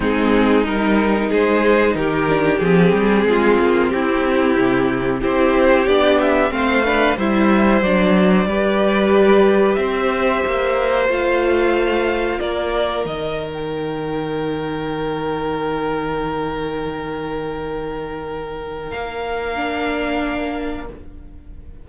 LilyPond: <<
  \new Staff \with { instrumentName = "violin" } { \time 4/4 \tempo 4 = 92 gis'4 ais'4 c''4 ais'4 | gis'2 g'2 | c''4 d''8 e''8 f''4 e''4 | d''2. e''4~ |
e''4 f''2 d''4 | dis''8. g''2.~ g''16~ | g''1~ | g''4 f''2. | }
  \new Staff \with { instrumentName = "violin" } { \time 4/4 dis'2 gis'4 g'4~ | g'4 f'4 e'2 | g'2 c''8 b'8 c''4~ | c''4 b'2 c''4~ |
c''2. ais'4~ | ais'1~ | ais'1~ | ais'1 | }
  \new Staff \with { instrumentName = "viola" } { \time 4/4 c'4 dis'2~ dis'8 d'8 | c'1 | e'4 d'4 c'8 d'8 e'4 | d'4 g'2.~ |
g'4 f'2. | dis'1~ | dis'1~ | dis'2 d'2 | }
  \new Staff \with { instrumentName = "cello" } { \time 4/4 gis4 g4 gis4 dis4 | f8 g8 gis8 ais8 c'4 c4 | c'4 b4 a4 g4 | fis4 g2 c'4 |
ais4 a2 ais4 | dis1~ | dis1~ | dis4 ais2. | }
>>